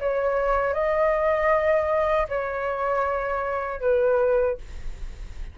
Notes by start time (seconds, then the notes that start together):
0.00 C#5
0.73 D#5
2.28 C#5
3.80 B4